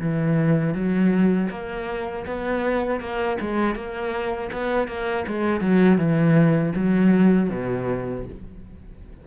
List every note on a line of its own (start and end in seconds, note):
0.00 0.74 E3
0.74 1.49 F#3
1.50 2.25 A#3
2.26 3.00 B3
3.00 3.38 A#3
3.41 3.75 G#3
3.75 4.50 A#3
4.52 4.88 B3
4.88 5.25 A#3
5.27 5.60 G#3
5.60 5.98 F#3
5.98 6.73 E3
6.75 7.50 F#3
7.50 8.25 B2